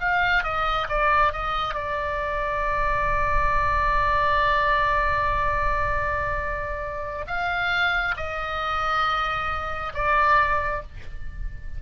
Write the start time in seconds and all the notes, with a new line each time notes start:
0.00 F5
0.43 D#5
0.89 D5
1.32 D#5
1.74 D5
7.27 F5
8.17 D#5
9.94 D5